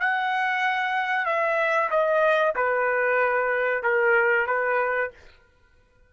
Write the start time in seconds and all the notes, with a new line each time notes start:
0.00 F#5
1.25 E5
1.90 D#5
2.55 B4
3.83 A#4
4.47 B4